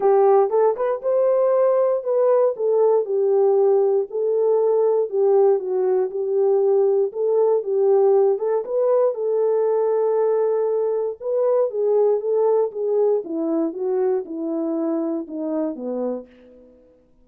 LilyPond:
\new Staff \with { instrumentName = "horn" } { \time 4/4 \tempo 4 = 118 g'4 a'8 b'8 c''2 | b'4 a'4 g'2 | a'2 g'4 fis'4 | g'2 a'4 g'4~ |
g'8 a'8 b'4 a'2~ | a'2 b'4 gis'4 | a'4 gis'4 e'4 fis'4 | e'2 dis'4 b4 | }